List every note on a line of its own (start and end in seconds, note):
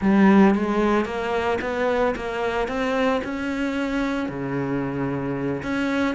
0.01 0.55 G3
0.55 1.05 G#3
1.05 1.58 A#3
1.61 2.15 B3
2.15 2.67 A#3
2.67 3.21 C4
3.24 4.28 C#4
4.28 5.62 C#3
5.62 6.15 C#4